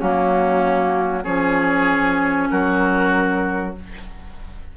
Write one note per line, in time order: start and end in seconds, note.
0.00 1.26 F#3
0.00 1.25 A#3
0.00 1.24 C#4
0.00 1.24 F#4
1.24 2.51 F3
1.24 3.75 C#4
1.24 2.49 G#4
1.24 2.49 C#5
2.50 3.77 F#3
2.50 3.76 F#4
2.50 3.75 A#4